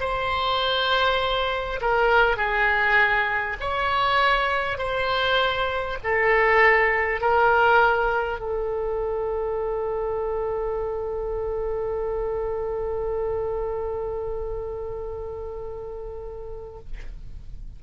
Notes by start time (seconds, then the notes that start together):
0.00 C5
1.81 A#4
2.37 G#4
3.60 C#5
4.77 C5
6.03 A4
7.21 A#4
8.39 A4